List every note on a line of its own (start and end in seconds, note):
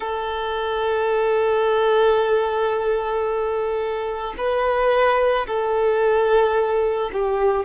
0.00 4.33 A4
4.37 5.46 B4
5.46 7.10 A4
7.12 7.64 G4